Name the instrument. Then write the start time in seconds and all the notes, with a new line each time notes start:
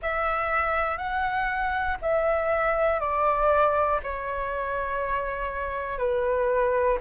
flute
0.01 E5
0.97 F#5
2.01 E5
3.00 D5
4.03 C#5
5.98 B4